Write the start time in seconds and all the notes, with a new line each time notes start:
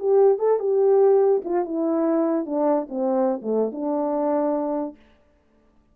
0.00 G4
0.39 A4
0.60 G4
1.45 F4
1.66 E4
2.46 D4
2.89 C4
3.42 A3
3.72 D4